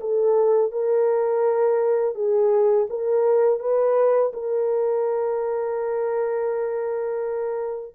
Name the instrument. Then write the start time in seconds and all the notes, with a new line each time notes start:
horn
0.00 A4
0.71 A#4
2.15 G#4
2.89 A#4
3.59 B4
4.33 A#4